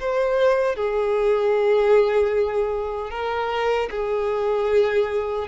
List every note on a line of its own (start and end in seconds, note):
0.00 0.76 C5
0.76 3.10 G#4
3.10 3.89 A#4
3.90 5.48 G#4